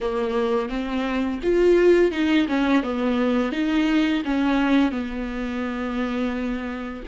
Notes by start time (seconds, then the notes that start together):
0.01 A#3
0.69 C4
1.42 F4
2.11 D#4
2.48 C#4
2.83 B3
3.52 D#4
4.24 C#4
4.91 B3